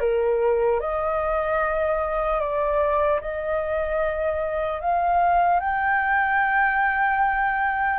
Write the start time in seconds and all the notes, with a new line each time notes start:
0.00 A#4
0.80 D#5
2.40 D5
3.21 D#5
4.81 F5
5.60 G5